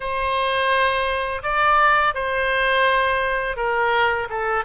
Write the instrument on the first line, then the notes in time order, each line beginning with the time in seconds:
oboe
0.00 C5
1.43 D5
2.14 C5
3.56 A#4
4.29 A4